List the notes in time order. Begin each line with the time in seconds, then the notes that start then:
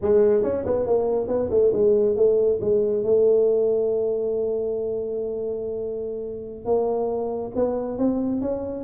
0.01 G#3
0.43 C#4
0.65 B3
0.86 A#3
1.27 B3
1.50 A3
1.73 G#3
2.16 A3
2.60 G#3
3.03 A3
6.65 A#3
7.55 B3
7.98 C4
8.41 C#4